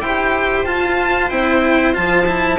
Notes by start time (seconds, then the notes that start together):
0.00 E4 G4 C5 G5
0.64 F4 A5
1.29 C4 E4 G5
1.93 F3 F4 A5
2.26 E4